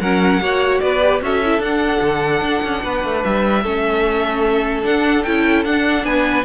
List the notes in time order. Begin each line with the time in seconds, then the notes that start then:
0.00 F#3 C#4 A#4 F#5
0.40 A#3 F#4 C#5
0.80 B3 B4 D5
1.00 G4
1.21 C#4 F#4 A4 E5
1.45 E4
1.59 D4 F#5
2.01 D3
2.41 D4
2.63 C#4
2.83 B3 B4
3.04 A3
3.23 G3 E5
3.63 A3 C#4 A4
4.83 D4 F#5
5.23 C#4 E4 G5
5.65 D4 F#5
6.04 B3 B4 G#5